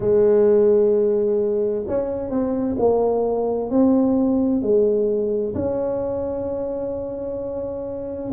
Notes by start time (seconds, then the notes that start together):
0.00 G#3
1.87 C#4
2.30 C4
2.78 A#3
3.70 C4
4.62 G#3
5.54 C#4